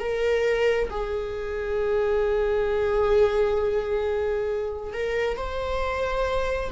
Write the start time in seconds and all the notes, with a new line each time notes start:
0.00 A#4
0.90 G#4
4.94 A#4
5.37 C5